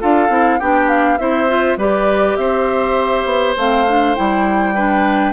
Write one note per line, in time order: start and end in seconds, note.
0.00 0.29 D4
0.00 0.29 F4
0.00 0.59 A4
0.00 0.60 F5
0.29 0.59 C4
0.29 0.59 E4
0.59 1.19 B3
0.59 1.19 D4
0.59 1.19 G4
0.59 0.89 G5
0.89 1.18 F5
1.18 1.77 C4
1.18 1.48 E4
1.18 1.78 C5
1.18 1.77 E5
1.48 1.78 F4
1.77 2.36 G3
1.77 3.57 G4
1.77 2.37 B4
1.77 2.36 D5
2.36 3.25 C4
2.36 4.74 C5
2.36 3.55 E5
3.25 3.55 B3
3.57 4.16 A3
3.57 3.87 C4
3.57 4.15 F5
3.87 4.15 D4
4.15 5.33 G3
4.15 4.75 E4
4.15 5.33 G5
4.74 5.33 D4
4.74 5.33 B4